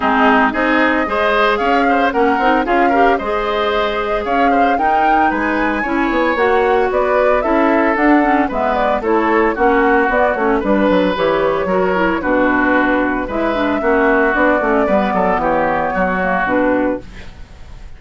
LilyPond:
<<
  \new Staff \with { instrumentName = "flute" } { \time 4/4 \tempo 4 = 113 gis'4 dis''2 f''4 | fis''4 f''4 dis''2 | f''4 g''4 gis''2 | fis''4 d''4 e''4 fis''4 |
e''8 d''8 cis''4 fis''4 d''8 cis''8 | b'4 cis''2 b'4~ | b'4 e''2 d''4~ | d''4 cis''2 b'4 | }
  \new Staff \with { instrumentName = "oboe" } { \time 4/4 dis'4 gis'4 c''4 cis''8 c''8 | ais'4 gis'8 ais'8 c''2 | cis''8 c''8 ais'4 b'4 cis''4~ | cis''4 b'4 a'2 |
b'4 a'4 fis'2 | b'2 ais'4 fis'4~ | fis'4 b'4 fis'2 | b'8 a'8 g'4 fis'2 | }
  \new Staff \with { instrumentName = "clarinet" } { \time 4/4 c'4 dis'4 gis'2 | cis'8 dis'8 f'8 g'8 gis'2~ | gis'4 dis'2 e'4 | fis'2 e'4 d'8 cis'8 |
b4 e'4 cis'4 b8 cis'8 | d'4 g'4 fis'8 e'8 d'4~ | d'4 e'8 d'8 cis'4 d'8 cis'8 | b2~ b8 ais8 d'4 | }
  \new Staff \with { instrumentName = "bassoon" } { \time 4/4 gis4 c'4 gis4 cis'4 | ais8 c'8 cis'4 gis2 | cis'4 dis'4 gis4 cis'8 b8 | ais4 b4 cis'4 d'4 |
gis4 a4 ais4 b8 a8 | g8 fis8 e4 fis4 b,4~ | b,4 gis4 ais4 b8 a8 | g8 fis8 e4 fis4 b,4 | }
>>